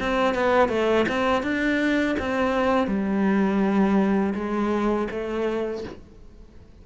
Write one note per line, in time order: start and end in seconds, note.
0.00 0.34 C4
0.34 0.69 B3
0.69 1.05 A3
1.08 1.43 C4
1.43 2.16 D4
2.19 2.87 C4
2.87 4.33 G3
4.35 5.08 G#3
5.11 5.84 A3